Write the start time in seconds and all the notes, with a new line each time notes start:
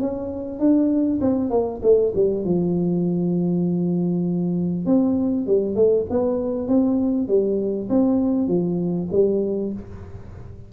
0.00 C#4
0.60 D4
1.21 C4
1.51 A#3
1.83 A3
2.15 G3
2.45 F3
4.86 C4
5.47 G3
5.76 A3
6.10 B3
6.68 C4
7.28 G3
7.90 C4
8.48 F3
9.12 G3